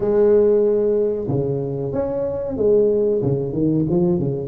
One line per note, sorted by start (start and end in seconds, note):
0.00 1.26 G#3
1.28 1.92 C#3
1.92 2.57 C#4
2.57 3.21 G#3
3.22 3.52 C#3
3.52 3.85 D#3
3.89 4.18 F3
4.18 4.48 C#3